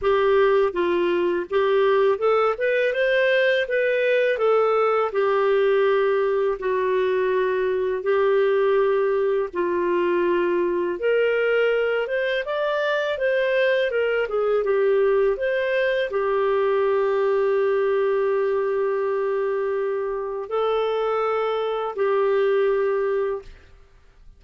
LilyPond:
\new Staff \with { instrumentName = "clarinet" } { \time 4/4 \tempo 4 = 82 g'4 f'4 g'4 a'8 b'8 | c''4 b'4 a'4 g'4~ | g'4 fis'2 g'4~ | g'4 f'2 ais'4~ |
ais'8 c''8 d''4 c''4 ais'8 gis'8 | g'4 c''4 g'2~ | g'1 | a'2 g'2 | }